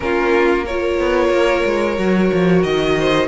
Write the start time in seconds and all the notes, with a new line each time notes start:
0.00 A#3 C#4 F4 A#4
0.64 F4 A#4 C#5
0.99 B3
1.29 A#3
1.65 G#3
1.98 F#3 F#4
2.32 F3
2.63 D#3 D#5
2.98 C5